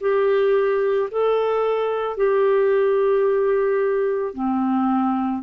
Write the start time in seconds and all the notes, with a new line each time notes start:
0.00 G4
1.11 A4
2.17 G4
4.34 C4